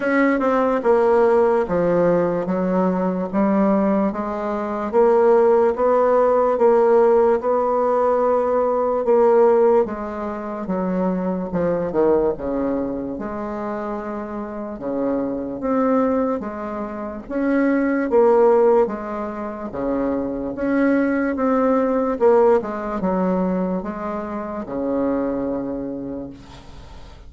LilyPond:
\new Staff \with { instrumentName = "bassoon" } { \time 4/4 \tempo 4 = 73 cis'8 c'8 ais4 f4 fis4 | g4 gis4 ais4 b4 | ais4 b2 ais4 | gis4 fis4 f8 dis8 cis4 |
gis2 cis4 c'4 | gis4 cis'4 ais4 gis4 | cis4 cis'4 c'4 ais8 gis8 | fis4 gis4 cis2 | }